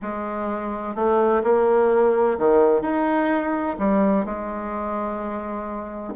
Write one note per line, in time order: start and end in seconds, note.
0.02 0.95 G#3
0.95 1.42 A3
1.43 2.38 A#3
2.38 2.81 D#3
2.81 3.76 D#4
3.78 4.25 G3
4.25 6.14 G#3